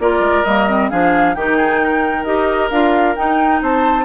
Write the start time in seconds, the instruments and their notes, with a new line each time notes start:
0.00 bassoon A#3, clarinet F4, oboe A#4, flute D5
0.20 bassoon G#3
0.45 bassoon G3, clarinet A#3, flute D#5
0.69 clarinet C4
0.90 bassoon F3, clarinet D4, oboe G#4, flute F5
1.35 bassoon D#3, clarinet D#4, oboe G4, flute G5
1.57 oboe G#4
1.84 oboe A#4
2.24 bassoon D#4, clarinet G4, flute D#5
2.71 bassoon D4, clarinet F4, flute F5
3.16 clarinet D#4, bassoon D#4, flute G5
3.62 bassoon C4, oboe C5, flute A5